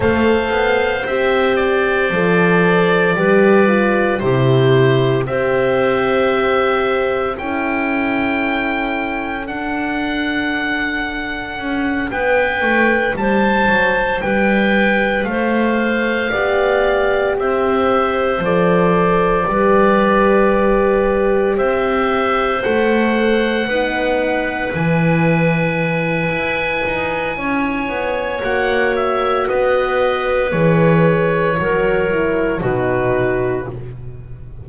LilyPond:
<<
  \new Staff \with { instrumentName = "oboe" } { \time 4/4 \tempo 4 = 57 f''4 e''8 d''2~ d''8 | c''4 e''2 g''4~ | g''4 fis''2~ fis''8 g''8~ | g''8 a''4 g''4 f''4.~ |
f''8 e''4 d''2~ d''8~ | d''8 e''4 fis''2 gis''8~ | gis''2. fis''8 e''8 | dis''4 cis''2 b'4 | }
  \new Staff \with { instrumentName = "clarinet" } { \time 4/4 c''2. b'4 | g'4 c''2 a'4~ | a'2.~ a'8 b'8~ | b'8 c''4 b'4 c''4 d''8~ |
d''8 c''2 b'4.~ | b'8 c''2 b'4.~ | b'2 cis''2 | b'2 ais'4 fis'4 | }
  \new Staff \with { instrumentName = "horn" } { \time 4/4 a'4 g'4 a'4 g'8 f'8 | e'4 g'2 e'4~ | e'4 d'2.~ | d'2.~ d'8 g'8~ |
g'4. a'4 g'4.~ | g'4. a'4 dis'4 e'8~ | e'2. fis'4~ | fis'4 gis'4 fis'8 e'8 dis'4 | }
  \new Staff \with { instrumentName = "double bass" } { \time 4/4 a8 b8 c'4 f4 g4 | c4 c'2 cis'4~ | cis'4 d'2 cis'8 b8 | a8 g8 fis8 g4 a4 b8~ |
b8 c'4 f4 g4.~ | g8 c'4 a4 b4 e8~ | e4 e'8 dis'8 cis'8 b8 ais4 | b4 e4 fis4 b,4 | }
>>